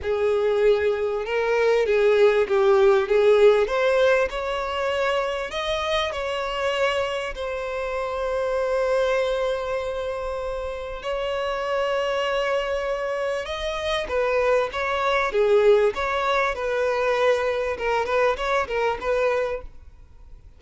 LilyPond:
\new Staff \with { instrumentName = "violin" } { \time 4/4 \tempo 4 = 98 gis'2 ais'4 gis'4 | g'4 gis'4 c''4 cis''4~ | cis''4 dis''4 cis''2 | c''1~ |
c''2 cis''2~ | cis''2 dis''4 b'4 | cis''4 gis'4 cis''4 b'4~ | b'4 ais'8 b'8 cis''8 ais'8 b'4 | }